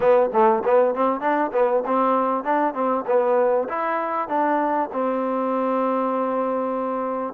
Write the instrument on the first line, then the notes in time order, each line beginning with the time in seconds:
trombone
0.00 B3
0.32 A3
0.64 B3
0.94 C4
1.20 D4
1.53 B3
1.85 C4
2.44 D4
2.74 C4
3.06 B3
3.68 E4
4.28 D4
4.92 C4